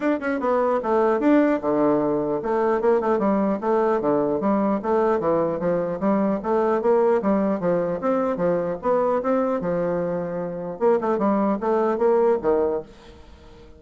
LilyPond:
\new Staff \with { instrumentName = "bassoon" } { \time 4/4 \tempo 4 = 150 d'8 cis'8 b4 a4 d'4 | d2 a4 ais8 a8 | g4 a4 d4 g4 | a4 e4 f4 g4 |
a4 ais4 g4 f4 | c'4 f4 b4 c'4 | f2. ais8 a8 | g4 a4 ais4 dis4 | }